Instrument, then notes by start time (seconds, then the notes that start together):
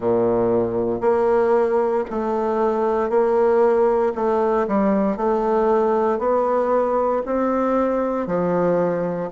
bassoon
0.00 A#2
1.01 A#3
2.10 A3
3.09 A#3
4.15 A3
4.67 G3
5.16 A3
6.18 B3
7.25 C4
8.26 F3